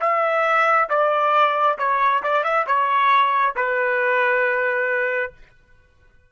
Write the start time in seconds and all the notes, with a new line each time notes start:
0.00 E5
0.89 D5
1.78 C#5
2.23 D5
2.43 E5
2.66 C#5
3.56 B4